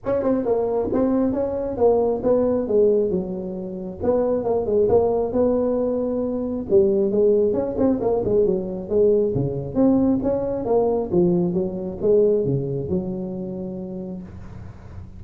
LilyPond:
\new Staff \with { instrumentName = "tuba" } { \time 4/4 \tempo 4 = 135 cis'8 c'8 ais4 c'4 cis'4 | ais4 b4 gis4 fis4~ | fis4 b4 ais8 gis8 ais4 | b2. g4 |
gis4 cis'8 c'8 ais8 gis8 fis4 | gis4 cis4 c'4 cis'4 | ais4 f4 fis4 gis4 | cis4 fis2. | }